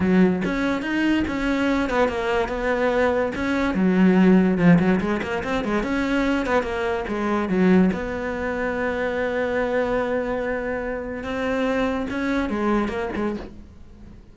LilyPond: \new Staff \with { instrumentName = "cello" } { \time 4/4 \tempo 4 = 144 fis4 cis'4 dis'4 cis'4~ | cis'8 b8 ais4 b2 | cis'4 fis2 f8 fis8 | gis8 ais8 c'8 gis8 cis'4. b8 |
ais4 gis4 fis4 b4~ | b1~ | b2. c'4~ | c'4 cis'4 gis4 ais8 gis8 | }